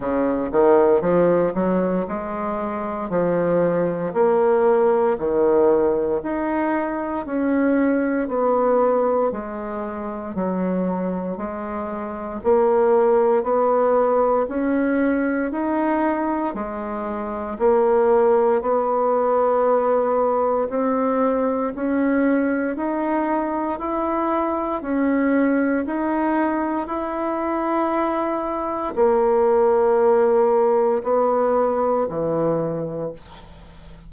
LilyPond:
\new Staff \with { instrumentName = "bassoon" } { \time 4/4 \tempo 4 = 58 cis8 dis8 f8 fis8 gis4 f4 | ais4 dis4 dis'4 cis'4 | b4 gis4 fis4 gis4 | ais4 b4 cis'4 dis'4 |
gis4 ais4 b2 | c'4 cis'4 dis'4 e'4 | cis'4 dis'4 e'2 | ais2 b4 e4 | }